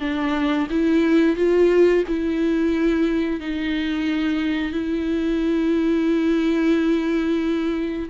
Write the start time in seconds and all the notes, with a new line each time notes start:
0.00 D4
0.70 E4
1.36 F4
2.08 E4
3.40 D#4
4.72 E4